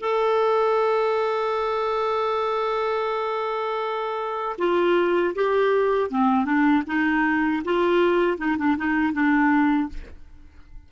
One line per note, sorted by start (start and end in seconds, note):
0.00 4.56 A4
4.58 5.34 F4
5.35 6.10 G4
6.10 6.45 C4
6.45 6.83 D4
6.86 7.62 D#4
7.64 8.38 F4
8.38 8.57 D#4
8.58 8.77 D4
8.77 9.12 D#4
9.12 9.88 D4